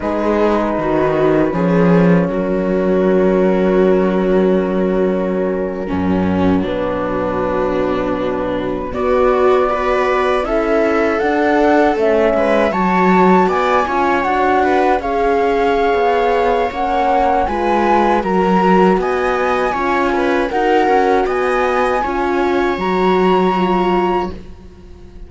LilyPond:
<<
  \new Staff \with { instrumentName = "flute" } { \time 4/4 \tempo 4 = 79 b'2. ais'4~ | ais'1~ | ais'8. b'2. d''16~ | d''4.~ d''16 e''4 fis''4 e''16~ |
e''8. a''4 gis''4 fis''4 f''16~ | f''2 fis''4 gis''4 | ais''4 gis''2 fis''4 | gis''2 ais''2 | }
  \new Staff \with { instrumentName = "viola" } { \time 4/4 gis'4 fis'4 gis'4 fis'4~ | fis'2.~ fis'8. cis'16~ | cis'8. d'2. fis'16~ | fis'8. b'4 a'2~ a'16~ |
a'16 b'8 cis''4 d''8 cis''4 b'8 cis''16~ | cis''2. b'4 | ais'4 dis''4 cis''8 b'8 ais'4 | dis''4 cis''2. | }
  \new Staff \with { instrumentName = "horn" } { \time 4/4 dis'2 cis'2~ | cis'2.~ cis'8. fis16~ | fis2.~ fis8. b16~ | b8. fis'4 e'4 d'4 cis'16~ |
cis'8. fis'4. f'8 fis'4 gis'16~ | gis'2 cis'4 f'4 | fis'2 f'4 fis'4~ | fis'4 f'4 fis'4 f'4 | }
  \new Staff \with { instrumentName = "cello" } { \time 4/4 gis4 dis4 f4 fis4~ | fis2.~ fis8. fis,16~ | fis,8. b,2. b16~ | b4.~ b16 cis'4 d'4 a16~ |
a16 gis8 fis4 b8 cis'8 d'4 cis'16~ | cis'4 b4 ais4 gis4 | fis4 b4 cis'4 dis'8 cis'8 | b4 cis'4 fis2 | }
>>